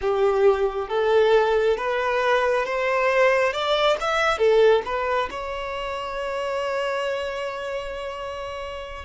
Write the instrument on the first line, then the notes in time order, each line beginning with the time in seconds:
violin
0.01 G4
0.88 A4
1.77 B4
2.65 C5
3.52 D5
4.00 E5
4.38 A4
4.85 B4
5.30 C#5